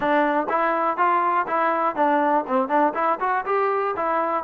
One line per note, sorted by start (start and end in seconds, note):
0.00 0.47 D4
0.49 0.97 E4
0.97 1.46 F4
1.47 1.95 E4
1.95 2.45 D4
2.47 2.68 C4
2.68 2.93 D4
2.94 3.18 E4
3.20 3.44 F#4
3.45 3.94 G4
3.96 4.44 E4